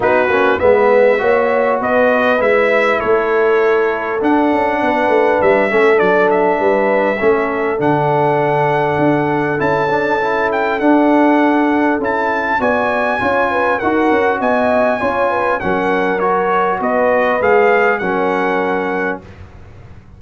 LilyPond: <<
  \new Staff \with { instrumentName = "trumpet" } { \time 4/4 \tempo 4 = 100 b'4 e''2 dis''4 | e''4 cis''2 fis''4~ | fis''4 e''4 d''8 e''4.~ | e''4 fis''2. |
a''4. g''8 fis''2 | a''4 gis''2 fis''4 | gis''2 fis''4 cis''4 | dis''4 f''4 fis''2 | }
  \new Staff \with { instrumentName = "horn" } { \time 4/4 fis'4 b'4 cis''4 b'4~ | b'4 a'2. | b'4. a'4. b'4 | a'1~ |
a'1~ | a'4 d''4 cis''8 b'8 ais'4 | dis''4 cis''8 b'8 ais'2 | b'2 ais'2 | }
  \new Staff \with { instrumentName = "trombone" } { \time 4/4 dis'8 cis'8 b4 fis'2 | e'2. d'4~ | d'4. cis'8 d'2 | cis'4 d'2. |
e'8 d'8 e'4 d'2 | e'4 fis'4 f'4 fis'4~ | fis'4 f'4 cis'4 fis'4~ | fis'4 gis'4 cis'2 | }
  \new Staff \with { instrumentName = "tuba" } { \time 4/4 b8 ais8 gis4 ais4 b4 | gis4 a2 d'8 cis'8 | b8 a8 g8 a8 fis4 g4 | a4 d2 d'4 |
cis'2 d'2 | cis'4 b4 cis'4 dis'8 cis'8 | b4 cis'4 fis2 | b4 gis4 fis2 | }
>>